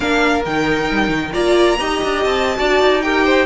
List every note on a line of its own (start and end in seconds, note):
0.00 0.45 A#3
0.00 0.43 D4
0.00 1.32 A#4
0.00 0.42 F5
0.45 0.90 D#3
0.45 1.33 D#4
0.45 1.33 G5
0.90 1.08 G3
1.08 1.30 D#3
1.32 1.79 A#3
1.32 1.77 F4
1.32 1.77 D5
1.32 2.23 A#5
1.79 2.01 D#4
1.79 2.56 G4
1.79 2.57 D#5
2.03 2.25 D4
2.24 2.58 C4
2.24 3.01 A5
2.56 2.80 D4
2.56 3.01 F#4
2.56 3.03 D5
2.80 3.46 D#4
3.01 3.46 G4
3.01 3.25 A#4
3.01 3.46 G5
3.25 3.46 C5